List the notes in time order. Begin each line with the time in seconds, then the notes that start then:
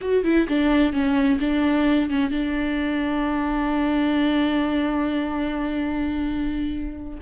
0.01 F#4
0.23 E4
0.48 D4
0.92 C#4
1.40 D4
2.10 C#4
2.30 D4